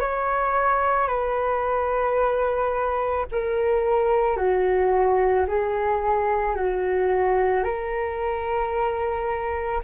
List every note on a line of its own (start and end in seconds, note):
0.00 1.08 C#5
1.08 3.26 B4
3.32 4.37 A#4
4.37 5.46 F#4
5.47 6.56 G#4
6.56 7.64 F#4
7.64 9.82 A#4